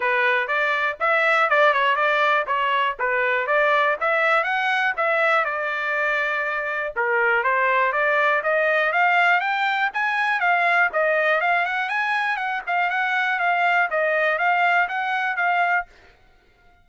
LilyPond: \new Staff \with { instrumentName = "trumpet" } { \time 4/4 \tempo 4 = 121 b'4 d''4 e''4 d''8 cis''8 | d''4 cis''4 b'4 d''4 | e''4 fis''4 e''4 d''4~ | d''2 ais'4 c''4 |
d''4 dis''4 f''4 g''4 | gis''4 f''4 dis''4 f''8 fis''8 | gis''4 fis''8 f''8 fis''4 f''4 | dis''4 f''4 fis''4 f''4 | }